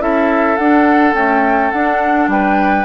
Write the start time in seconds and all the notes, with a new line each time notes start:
0.00 C#4 E4 A4 E5
0.57 D4 F#5
1.14 A3 C#4 G5
1.71 D4 F#5
2.28 G3 B4 G5